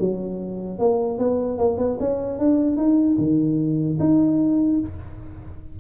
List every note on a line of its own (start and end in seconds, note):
0.00 0.79 F#3
0.79 1.19 A#3
1.19 1.59 B3
1.59 1.78 A#3
1.78 1.98 B3
2.00 2.39 C#4
2.39 2.77 D4
2.77 3.17 D#4
3.19 3.99 D#3
4.00 4.80 D#4